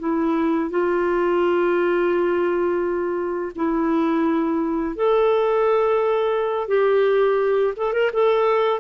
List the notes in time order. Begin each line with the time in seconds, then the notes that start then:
0.00 E4
0.71 F4
3.56 E4
4.96 A4
6.68 G4
7.77 A4
7.93 A#4
8.13 A4